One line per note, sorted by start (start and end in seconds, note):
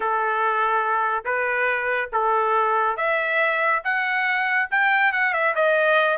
0.00 1.24 A4
1.25 2.10 B4
2.12 2.96 A4
2.96 3.81 E5
3.84 4.69 F#5
4.70 5.12 G5
5.12 5.33 F#5
5.33 5.54 E5
5.55 6.17 D#5